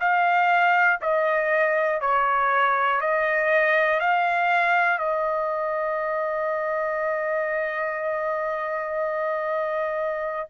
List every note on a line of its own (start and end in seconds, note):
0.00 1.00 F5
1.01 2.01 D#5
2.01 3.01 C#5
3.01 4.00 D#5
4.00 4.98 F5
4.98 10.48 D#5